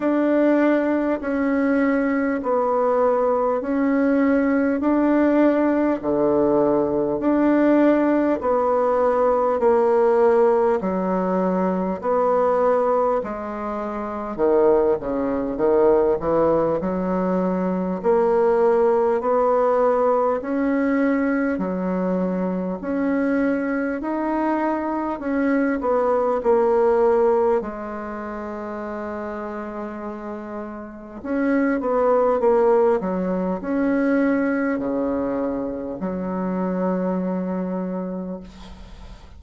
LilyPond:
\new Staff \with { instrumentName = "bassoon" } { \time 4/4 \tempo 4 = 50 d'4 cis'4 b4 cis'4 | d'4 d4 d'4 b4 | ais4 fis4 b4 gis4 | dis8 cis8 dis8 e8 fis4 ais4 |
b4 cis'4 fis4 cis'4 | dis'4 cis'8 b8 ais4 gis4~ | gis2 cis'8 b8 ais8 fis8 | cis'4 cis4 fis2 | }